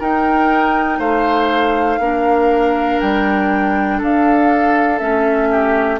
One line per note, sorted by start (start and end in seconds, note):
0.00 2.01 D#4
0.00 0.99 D#4
0.00 0.99 A#4
0.00 1.00 G5
0.99 1.99 A3
0.99 1.99 C5
0.99 3.00 F5
1.99 2.99 A#3
1.99 5.00 D4
1.99 3.98 A#4
3.00 4.01 G3
3.00 4.00 G5
3.98 5.01 D4
3.98 5.48 A4
3.98 4.99 F5
4.99 6.00 A3
4.99 6.00 C#4
4.99 5.99 E5
5.51 6.00 G4